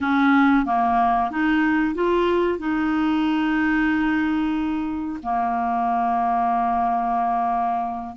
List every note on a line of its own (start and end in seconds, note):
0.01 0.65 C#4
0.65 1.30 A#3
1.30 1.94 D#4
1.94 2.58 F4
2.58 5.19 D#4
5.22 8.16 A#3